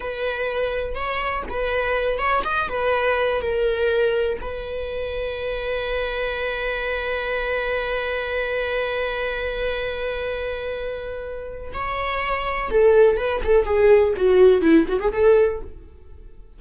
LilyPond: \new Staff \with { instrumentName = "viola" } { \time 4/4 \tempo 4 = 123 b'2 cis''4 b'4~ | b'8 cis''8 dis''8 b'4. ais'4~ | ais'4 b'2.~ | b'1~ |
b'1~ | b'1 | cis''2 a'4 b'8 a'8 | gis'4 fis'4 e'8 fis'16 gis'16 a'4 | }